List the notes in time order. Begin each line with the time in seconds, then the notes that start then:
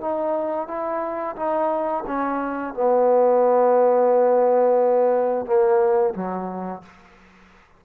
0.00 D#4
0.67 E4
1.35 D#4
2.06 C#4
2.74 B3
5.45 A#3
6.14 F#3